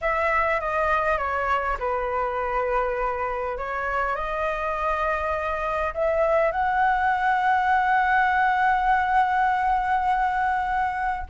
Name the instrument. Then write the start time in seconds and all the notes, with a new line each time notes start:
flute
0.01 E5
0.60 D#5
1.17 C#5
1.79 B4
3.57 C#5
4.15 D#5
5.94 E5
6.51 F#5